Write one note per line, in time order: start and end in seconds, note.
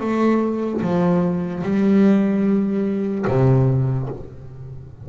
0.00 0.81 A3
0.81 1.62 F3
1.63 3.25 G3
3.28 4.09 C3